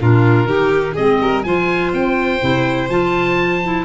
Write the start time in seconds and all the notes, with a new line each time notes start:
0.00 A#2 D4 F4 A#4
0.45 D#3 D#4 G4
0.93 G#3 C4 G#4 D#5
1.21 G3 A#4
1.43 F3 F4 C5 G#5
1.93 C4 G5
2.40 C3 E4
2.89 F3 F4 A5
3.63 E4